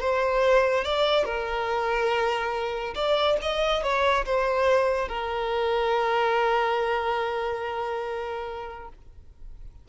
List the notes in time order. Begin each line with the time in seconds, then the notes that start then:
0.00 C5
0.84 D5
1.25 A#4
2.95 D5
3.42 D#5
3.83 C#5
4.25 C5
5.08 A#4